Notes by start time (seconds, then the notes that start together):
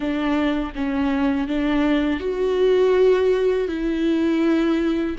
0.00 D4
0.75 C#4
1.47 D4
2.20 F#4
3.67 E4